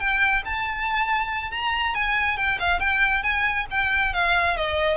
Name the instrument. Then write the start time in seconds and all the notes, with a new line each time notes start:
violin
0.00 G5
0.46 A5
1.52 A#5
1.95 G#5
2.37 G5
2.60 F5
2.80 G5
3.23 G#5
3.71 G5
4.14 F5
4.57 D#5